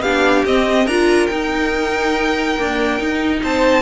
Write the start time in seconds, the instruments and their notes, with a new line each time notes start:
0.00 cello B3, viola D4, violin G4 F5
0.46 cello C4, viola C4, violin D#5
0.85 cello D4, viola F4, violin A#4 A#5
1.26 viola D#4, cello D#4, violin G5
2.58 viola A#3, cello D4
2.99 viola D#4, cello D#4
3.42 cello C4, violin C5 A5